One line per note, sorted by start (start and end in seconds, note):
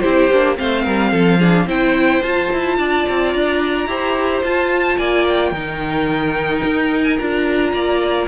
0.00 0.31 C4
0.00 0.30 E4
0.00 0.57 G4
0.00 0.55 C5
0.31 0.58 A#3
0.31 0.56 D4
0.56 0.87 A3
0.56 1.38 C4
0.56 0.83 C5
0.56 1.68 F5
0.83 1.12 G3
0.83 1.10 A#4
1.11 1.66 F3
1.11 1.38 A4
1.39 1.67 D4
1.39 1.66 G#4
1.66 2.21 C4
1.66 2.22 E4
1.66 2.77 C5
1.66 2.22 G5
2.22 2.50 F4
2.22 3.88 F4
2.22 3.32 A5
2.53 2.78 E4
2.78 3.05 D4
2.78 3.89 D5
3.09 3.35 C4
3.33 3.86 D4
3.33 4.43 A#5
3.86 4.41 E4
3.86 4.43 G4
3.86 4.98 C5
4.43 4.98 F4
4.43 5.54 F4
4.43 4.98 A5
4.98 5.51 A#3
4.98 5.51 D5
4.98 5.26 G#5
5.28 7.03 G5
5.51 6.62 D#3
5.51 7.19 D#4
5.51 7.71 A#4
6.63 7.18 D#4
7.03 7.17 G#5
7.18 7.73 D4
7.18 8.28 F4
7.18 8.28 A#5
7.73 8.28 A#3
7.73 8.28 D5